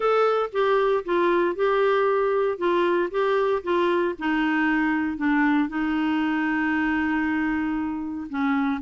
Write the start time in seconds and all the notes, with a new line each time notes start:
0.00 A4
0.52 G4
1.04 F4
1.55 G4
2.57 F4
3.10 G4
3.63 F4
4.18 D#4
5.17 D4
5.68 D#4
8.29 C#4